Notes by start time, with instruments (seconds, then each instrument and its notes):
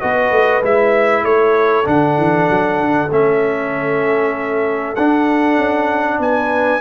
0.00 tuba B3, trombone F#4, horn B4, trumpet D#5
0.31 tuba A3
0.62 tuba G#3, trombone E4, trumpet E5
1.23 tuba A3, horn A4, trumpet C#5
1.84 tuba D3, trombone D4, trumpet F#5
2.17 tuba E3
2.49 tuba F#3
2.81 tuba D3
3.10 tuba A3, trombone C#4, trumpet E5
4.95 tuba D4, trombone D4, trumpet F#5
5.57 tuba C#4
6.19 tuba B3, horn B4, trumpet G#5